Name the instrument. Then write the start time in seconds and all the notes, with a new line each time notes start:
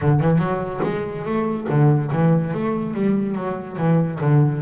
double bass
0.01 D3
0.20 E3
0.38 F#3
0.83 G#3
1.25 A3
1.69 D3
2.12 E3
2.53 A3
2.94 G3
3.35 F#3
3.77 E3
4.20 D3